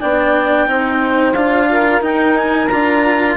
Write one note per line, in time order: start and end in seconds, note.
0.00 0.67 B3
0.00 0.67 D4
0.00 0.67 D5
0.00 1.34 G5
0.67 1.34 C4
0.67 1.35 D#4
0.67 1.70 C5
1.34 2.01 D4
1.34 2.01 F4
1.34 2.02 F5
1.70 3.37 A#4
2.01 2.69 D#4
2.01 2.37 G5
2.37 2.67 G#5
2.67 3.37 D4
2.67 3.37 F4
2.67 3.35 A#5